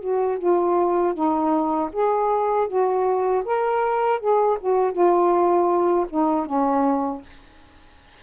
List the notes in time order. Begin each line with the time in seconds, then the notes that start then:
0.00 F#4
0.38 F4
1.14 D#4
1.92 G#4
2.68 F#4
3.45 A#4
4.20 G#4
4.60 F#4
4.92 F4
6.10 D#4
6.46 C#4